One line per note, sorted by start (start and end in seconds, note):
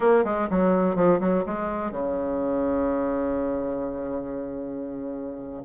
0.00 0.24 A#3
0.24 0.48 G#3
0.50 0.95 F#3
0.95 1.19 F3
1.20 1.44 F#3
1.46 1.91 G#3
1.91 5.63 C#3